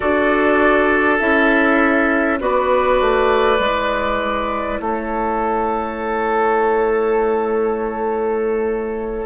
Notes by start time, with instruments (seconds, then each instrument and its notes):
0.00 bassoon D4, clarinet F#4, oboe A4, flute D5
1.19 bassoon C#4, clarinet E4, flute E5
2.40 bassoon B3, clarinet F#4, oboe B4, flute D5
3.00 bassoon A3
3.56 bassoon G#3, clarinet E4
4.79 bassoon A3, oboe A4, flute C#5